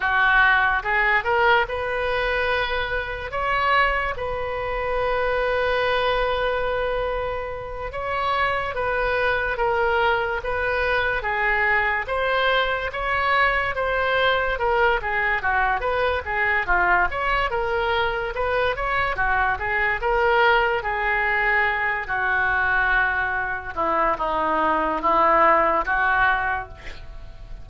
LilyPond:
\new Staff \with { instrumentName = "oboe" } { \time 4/4 \tempo 4 = 72 fis'4 gis'8 ais'8 b'2 | cis''4 b'2.~ | b'4. cis''4 b'4 ais'8~ | ais'8 b'4 gis'4 c''4 cis''8~ |
cis''8 c''4 ais'8 gis'8 fis'8 b'8 gis'8 | f'8 cis''8 ais'4 b'8 cis''8 fis'8 gis'8 | ais'4 gis'4. fis'4.~ | fis'8 e'8 dis'4 e'4 fis'4 | }